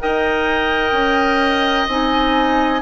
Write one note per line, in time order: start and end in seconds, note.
0.00 0.93 D#4
0.00 1.88 A#4
0.00 2.82 D#5
0.00 1.88 G5
0.93 1.86 C#4
1.88 2.82 C4
1.88 2.82 D#4
1.88 2.82 G#5